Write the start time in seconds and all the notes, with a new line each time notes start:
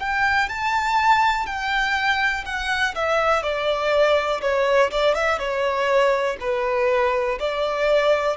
0.00 G5
0.49 A5
1.47 G5
2.46 F#5
2.96 E5
3.43 D5
4.42 C#5
4.91 D5
5.15 E5
5.39 C#5
6.41 B4
7.40 D5